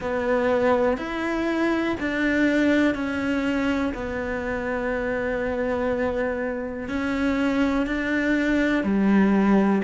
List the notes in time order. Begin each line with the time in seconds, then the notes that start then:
0.00 B3
0.97 E4
1.99 D4
2.94 C#4
3.93 B3
6.88 C#4
7.86 D4
8.83 G3